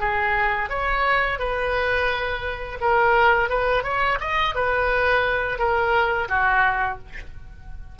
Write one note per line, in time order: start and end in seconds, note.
0.00 0.69 G#4
0.69 1.39 C#5
1.39 2.78 B4
2.81 3.49 A#4
3.49 3.84 B4
3.84 4.19 C#5
4.21 4.55 D#5
4.55 5.58 B4
5.58 6.28 A#4
6.29 6.99 F#4